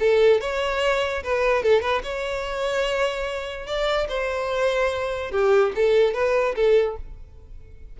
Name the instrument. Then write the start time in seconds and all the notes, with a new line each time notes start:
violin
0.00 A4
0.41 C#5
1.23 B4
1.63 A4
1.81 B4
2.04 C#5
3.67 D5
4.09 C5
5.31 G4
5.76 A4
6.14 B4
6.55 A4